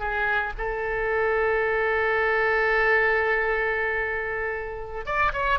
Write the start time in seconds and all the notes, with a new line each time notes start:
0.00 G#4
0.58 A4
5.06 D5
5.33 C#5